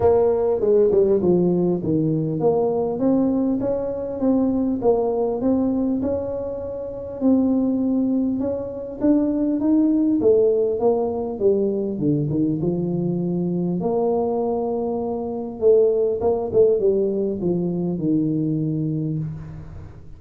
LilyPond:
\new Staff \with { instrumentName = "tuba" } { \time 4/4 \tempo 4 = 100 ais4 gis8 g8 f4 dis4 | ais4 c'4 cis'4 c'4 | ais4 c'4 cis'2 | c'2 cis'4 d'4 |
dis'4 a4 ais4 g4 | d8 dis8 f2 ais4~ | ais2 a4 ais8 a8 | g4 f4 dis2 | }